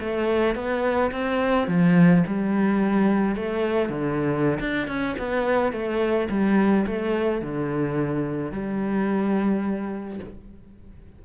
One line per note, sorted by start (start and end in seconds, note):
0.00 0.55 A3
0.55 1.11 B3
1.12 1.68 C4
1.68 2.24 F3
2.27 3.35 G3
3.35 3.89 A3
3.89 4.59 D3
4.60 4.88 D4
4.88 5.16 C#4
5.18 5.72 B3
5.72 6.28 A3
6.30 6.86 G3
6.86 7.42 A3
7.42 8.52 D3
8.52 10.20 G3